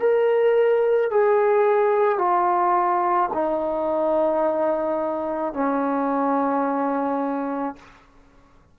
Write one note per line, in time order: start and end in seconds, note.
0.00 1.11 A#4
1.11 2.19 G#4
2.19 3.30 F4
3.33 5.54 D#4
5.54 7.76 C#4